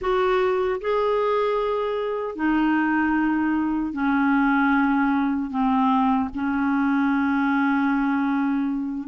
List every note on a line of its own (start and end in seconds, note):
0.01 0.80 F#4
0.80 2.35 G#4
2.35 3.93 D#4
3.93 5.50 C#4
5.50 6.29 C4
6.34 9.08 C#4